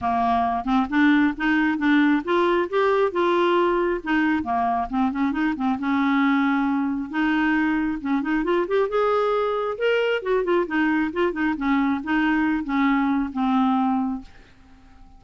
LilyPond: \new Staff \with { instrumentName = "clarinet" } { \time 4/4 \tempo 4 = 135 ais4. c'8 d'4 dis'4 | d'4 f'4 g'4 f'4~ | f'4 dis'4 ais4 c'8 cis'8 | dis'8 c'8 cis'2. |
dis'2 cis'8 dis'8 f'8 g'8 | gis'2 ais'4 fis'8 f'8 | dis'4 f'8 dis'8 cis'4 dis'4~ | dis'8 cis'4. c'2 | }